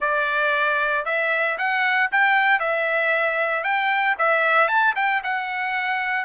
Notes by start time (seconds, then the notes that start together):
0.00 D5
1.05 E5
1.58 F#5
2.11 G5
2.59 E5
3.63 G5
4.18 E5
4.68 A5
4.95 G5
5.23 F#5